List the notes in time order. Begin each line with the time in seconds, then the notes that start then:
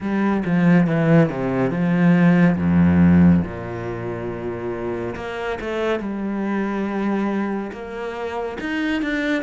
0.00 G3
0.45 F3
0.86 E3
1.29 C3
1.70 F3
2.56 F2
3.44 A#2
5.15 A#3
5.60 A3
5.99 G3
7.72 A#3
8.60 D#4
9.02 D4